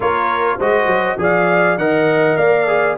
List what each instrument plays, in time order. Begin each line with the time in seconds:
0.00 tuba A#3, trombone F4, horn A#4, trumpet C#5
0.57 tuba G#3, trombone F#4, horn C5, trumpet D#5
0.86 tuba F#3
1.18 tuba F3, trombone G#4, horn D5, trumpet F5
1.77 tuba D#3, trombone A#4, horn D#5, trumpet F#5
2.37 tuba A#3, horn D5, trumpet F5
2.67 trombone G#4